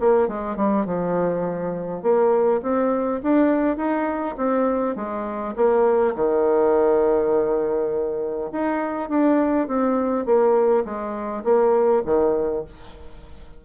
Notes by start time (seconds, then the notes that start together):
0.00 A#3
0.28 G#3
0.56 G3
0.86 F3
2.02 A#3
2.63 C4
3.23 D4
3.77 D#4
4.37 C4
4.96 G#3
5.56 A#3
6.16 D#3
8.52 D#4
9.09 D4
9.68 C4
10.26 A#3
10.85 G#3
11.44 A#3
12.06 D#3